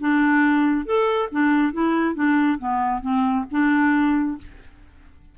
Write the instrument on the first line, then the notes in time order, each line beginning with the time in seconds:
clarinet
0.00 D4
0.85 A4
1.31 D4
1.73 E4
2.15 D4
2.59 B3
3.02 C4
3.51 D4